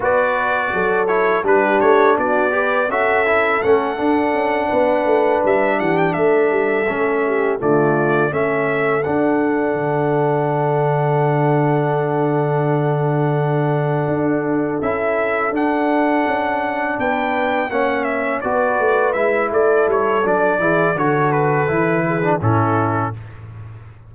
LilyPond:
<<
  \new Staff \with { instrumentName = "trumpet" } { \time 4/4 \tempo 4 = 83 d''4. cis''8 b'8 cis''8 d''4 | e''4 fis''2~ fis''8 e''8 | fis''16 g''16 e''2 d''4 e''8~ | e''8 fis''2.~ fis''8~ |
fis''1~ | fis''8 e''4 fis''2 g''8~ | g''8 fis''8 e''8 d''4 e''8 d''8 cis''8 | d''4 cis''8 b'4. a'4 | }
  \new Staff \with { instrumentName = "horn" } { \time 4/4 b'4 a'4 g'4 fis'8 b'8 | a'2~ a'8 b'4. | g'8 a'4. g'8 f'4 a'8~ | a'1~ |
a'1~ | a'2.~ a'8 b'8~ | b'8 cis''4 b'4. a'4~ | a'8 gis'8 a'4. gis'8 e'4 | }
  \new Staff \with { instrumentName = "trombone" } { \time 4/4 fis'4. e'8 d'4. g'8 | fis'8 e'8 cis'8 d'2~ d'8~ | d'4. cis'4 a4 cis'8~ | cis'8 d'2.~ d'8~ |
d'1~ | d'8 e'4 d'2~ d'8~ | d'8 cis'4 fis'4 e'4. | d'8 e'8 fis'4 e'8. d'16 cis'4 | }
  \new Staff \with { instrumentName = "tuba" } { \time 4/4 b4 fis4 g8 a8 b4 | cis'4 a8 d'8 cis'8 b8 a8 g8 | e8 a8 g8 a4 d4 a8~ | a8 d'4 d2~ d8~ |
d2.~ d8 d'8~ | d'8 cis'4 d'4 cis'4 b8~ | b8 ais4 b8 a8 gis8 a8 g8 | fis8 e8 d4 e4 a,4 | }
>>